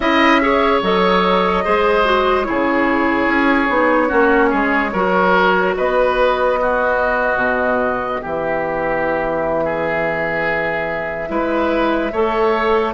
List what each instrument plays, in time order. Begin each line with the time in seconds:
0.00 bassoon C#4, clarinet E4, oboe D#5, flute E5
0.41 clarinet G#4, oboe C#5
0.82 bassoon F#3, clarinet A4, flute D#5
1.64 bassoon G#3, clarinet G#4, oboe C5
2.04 clarinet F#4
2.43 bassoon C#3, clarinet E4, oboe G#4, flute C#5
3.27 bassoon C#4
3.68 bassoon B3, clarinet D#4
4.08 bassoon A#3, clarinet C#4, oboe F#4
4.49 bassoon G#3, oboe G#4
4.92 bassoon F#3, clarinet F#4, oboe A#4
5.77 bassoon B3, oboe B4, flute D#5
6.59 clarinet B3, oboe F#4
7.36 bassoon B2
8.21 bassoon E3, oboe G4, flute E5
9.64 oboe G#4
11.28 bassoon G#3, clarinet E4, oboe B4
12.12 bassoon A3, clarinet A4, oboe C#5